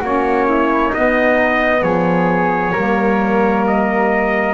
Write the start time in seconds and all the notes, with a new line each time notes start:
0.00 A#3 C#4 F#4 C#5
0.49 E4
0.89 B3 D#4 D#5
1.82 F3 G#4 C#5
2.73 G3 A#3 A#4
3.67 D#5